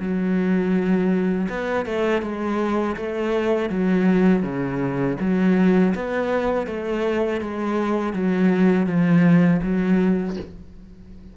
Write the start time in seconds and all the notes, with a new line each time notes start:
0.00 F#3
1.49 B3
1.86 A3
2.22 G#3
2.97 A3
3.70 F#3
4.43 C#3
5.20 F#3
5.95 B3
6.67 A3
7.41 G#3
8.13 F#3
8.87 F3
9.63 F#3